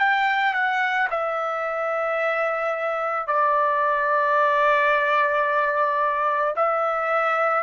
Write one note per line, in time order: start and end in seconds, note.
0.00 0.54 G5
0.54 1.09 F#5
1.11 3.28 E5
3.28 6.55 D5
6.57 7.64 E5